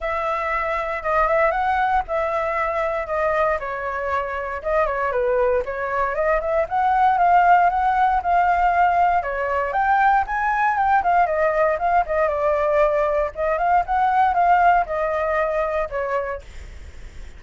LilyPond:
\new Staff \with { instrumentName = "flute" } { \time 4/4 \tempo 4 = 117 e''2 dis''8 e''8 fis''4 | e''2 dis''4 cis''4~ | cis''4 dis''8 cis''8 b'4 cis''4 | dis''8 e''8 fis''4 f''4 fis''4 |
f''2 cis''4 g''4 | gis''4 g''8 f''8 dis''4 f''8 dis''8 | d''2 dis''8 f''8 fis''4 | f''4 dis''2 cis''4 | }